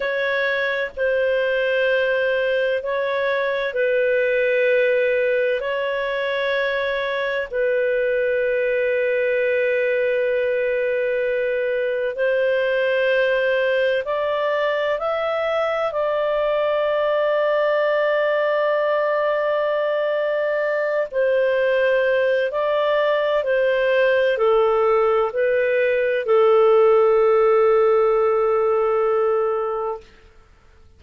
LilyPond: \new Staff \with { instrumentName = "clarinet" } { \time 4/4 \tempo 4 = 64 cis''4 c''2 cis''4 | b'2 cis''2 | b'1~ | b'4 c''2 d''4 |
e''4 d''2.~ | d''2~ d''8 c''4. | d''4 c''4 a'4 b'4 | a'1 | }